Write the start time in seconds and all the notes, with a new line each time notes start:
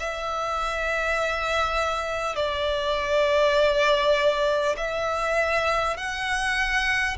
0.00 E5
2.36 D5
4.78 E5
5.98 F#5